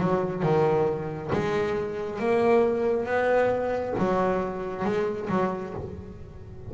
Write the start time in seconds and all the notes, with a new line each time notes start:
0.00 F#3
0.43 D#3
1.33 G#3
2.20 A#3
3.06 B3
3.99 F#3
4.85 G#3
5.30 F#3